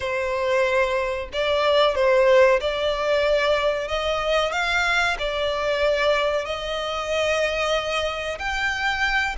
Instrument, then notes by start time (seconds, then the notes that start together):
violin
0.00 C5
1.32 D5
1.95 C5
2.60 D5
3.87 D#5
4.52 F5
5.18 D5
6.45 D#5
8.39 G5